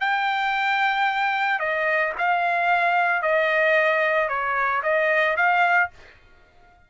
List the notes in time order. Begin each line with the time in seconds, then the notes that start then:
0.00 G5
1.59 D#5
2.18 F5
3.22 D#5
4.28 C#5
4.83 D#5
5.36 F5